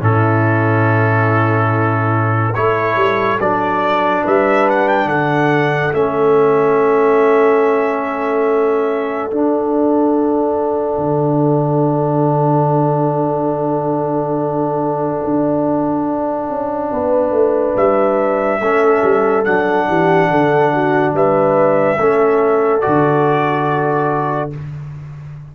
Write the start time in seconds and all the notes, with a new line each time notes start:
0.00 A2 C#4 E4 A4
2.54 A3 E4 A4 C#5
2.96 G3
3.39 F#3 D4 D5
4.23 G3 B4 E5
4.69 F#5
4.88 G5
5.06 D3 A4 F#5
5.93 A3 C#4 E5
9.30 D4 F#5
10.98 D3
15.24 D4
16.49 C#4
16.92 B3 B4
17.31 A3
17.76 G3 E5
18.60 A3 C#4 A4
19.03 G3
19.45 F#3 D4 F#5
19.88 E3 G4
20.30 D3 A4
20.73 F#4
21.13 G3 B4 E5
21.99 A3 C#4 A4
22.81 D3 F#4 D5